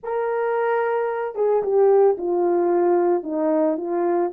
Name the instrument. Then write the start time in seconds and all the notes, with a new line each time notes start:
horn
0.03 A#4
1.35 G#4
1.62 G4
2.17 F4
3.23 D#4
3.77 F4